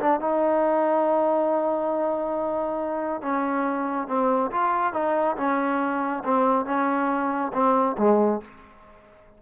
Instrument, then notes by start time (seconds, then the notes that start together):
trombone
0.00 D4
0.20 D#4
3.22 C#4
4.08 C4
4.51 F4
4.93 D#4
5.37 C#4
6.25 C4
6.66 C#4
7.53 C4
7.98 G#3